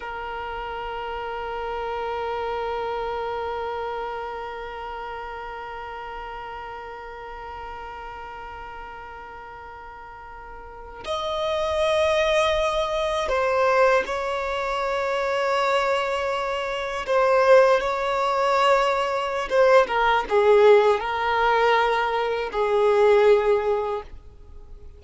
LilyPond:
\new Staff \with { instrumentName = "violin" } { \time 4/4 \tempo 4 = 80 ais'1~ | ais'1~ | ais'1~ | ais'2~ ais'8. dis''4~ dis''16~ |
dis''4.~ dis''16 c''4 cis''4~ cis''16~ | cis''2~ cis''8. c''4 cis''16~ | cis''2 c''8 ais'8 gis'4 | ais'2 gis'2 | }